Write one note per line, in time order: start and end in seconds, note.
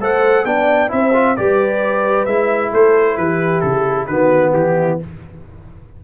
0.00 0.45 A3
0.00 0.46 A4
0.00 0.46 C5
0.00 0.45 F#5
0.45 0.90 B3
0.45 0.88 D4
0.45 0.92 D5
0.45 0.91 G5
0.88 1.38 C4
0.88 1.11 E4
0.88 1.39 C5
0.88 1.36 E5
1.14 1.36 F4
1.36 2.27 G3
1.36 2.28 G4
1.36 2.71 B4
1.36 2.26 D5
2.26 2.72 G#3
2.26 4.10 E4
2.26 2.71 E5
2.71 3.17 A3
2.71 3.17 A4
2.71 3.17 C5
3.17 3.63 E3
3.17 4.08 G4
3.17 3.61 B4
3.61 4.08 C#3
3.61 4.06 A4
4.07 4.53 D#3
4.07 5.01 B3
4.07 4.53 F#4
4.07 4.52 B4
4.53 4.99 E3
4.53 5.04 E4
4.53 4.99 G4